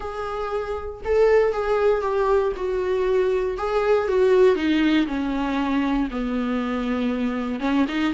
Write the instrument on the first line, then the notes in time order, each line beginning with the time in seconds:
viola
0.00 G#4
1.04 A4
1.52 G#4
2.01 G4
2.56 F#4
3.57 G#4
4.07 F#4
4.55 D#4
5.06 C#4
6.10 B3
7.60 C#4
7.88 D#4